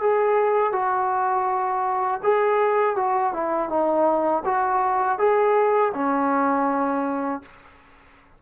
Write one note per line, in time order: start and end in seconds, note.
0.00 0.72 G#4
0.72 2.20 F#4
2.23 2.96 G#4
2.96 3.33 F#4
3.33 3.69 E4
3.69 4.43 D#4
4.44 5.18 F#4
5.18 5.92 G#4
5.94 7.42 C#4